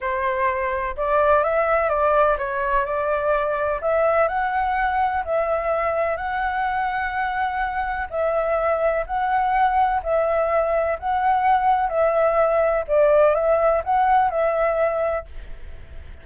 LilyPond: \new Staff \with { instrumentName = "flute" } { \time 4/4 \tempo 4 = 126 c''2 d''4 e''4 | d''4 cis''4 d''2 | e''4 fis''2 e''4~ | e''4 fis''2.~ |
fis''4 e''2 fis''4~ | fis''4 e''2 fis''4~ | fis''4 e''2 d''4 | e''4 fis''4 e''2 | }